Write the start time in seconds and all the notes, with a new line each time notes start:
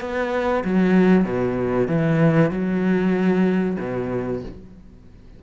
0.00 B3
0.64 F#3
1.24 B2
1.87 E3
2.51 F#3
3.79 B2